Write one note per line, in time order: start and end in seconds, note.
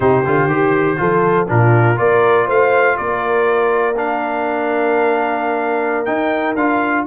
0.00 0.24 C3
0.00 0.24 D#4
0.00 0.97 G4
0.00 1.47 C5
0.25 0.46 D3
0.25 0.49 F4
0.46 0.95 D#3
0.46 0.96 G4
0.96 1.50 F3
0.96 1.46 F4
0.96 1.49 A4
1.48 1.99 A#2
1.48 1.96 D4
1.48 1.98 F4
1.48 1.98 A#4
1.96 2.48 A#3
1.96 3.94 F4
1.96 2.46 A#4
1.96 2.48 D5
2.46 2.98 A3
2.46 2.96 C5
2.46 2.97 F5
2.97 6.07 A#3
2.97 7.06 A#4
2.97 3.96 D5
3.96 6.06 D4
3.96 6.05 F5
6.05 6.55 D#4
6.05 6.54 G5
6.55 7.05 D4
6.55 7.06 F4
6.55 7.05 F5